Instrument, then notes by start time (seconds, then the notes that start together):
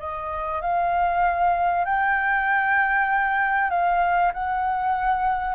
flute
0.00 D#5
0.62 F5
1.85 G5
3.71 F5
4.34 F#5